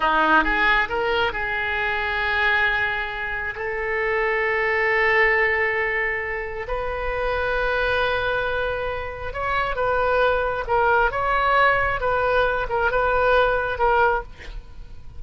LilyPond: \new Staff \with { instrumentName = "oboe" } { \time 4/4 \tempo 4 = 135 dis'4 gis'4 ais'4 gis'4~ | gis'1 | a'1~ | a'2. b'4~ |
b'1~ | b'4 cis''4 b'2 | ais'4 cis''2 b'4~ | b'8 ais'8 b'2 ais'4 | }